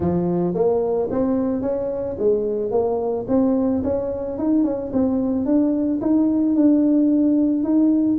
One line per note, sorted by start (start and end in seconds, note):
0.00 0.54 F3
0.54 1.08 A#3
1.10 1.61 C4
1.61 2.16 C#4
2.18 2.71 G#3
2.71 3.26 A#3
3.28 3.82 C4
3.83 4.38 C#4
4.38 4.64 D#4
4.64 4.91 C#4
4.92 5.45 C4
5.45 6.00 D4
6.01 6.55 D#4
6.55 7.63 D4
7.63 8.18 D#4